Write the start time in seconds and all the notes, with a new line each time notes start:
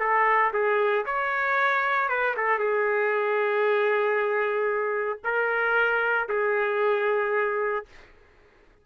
0.00 A4
0.53 G#4
1.06 C#5
2.09 B4
2.37 A4
2.59 G#4
5.24 A#4
6.29 G#4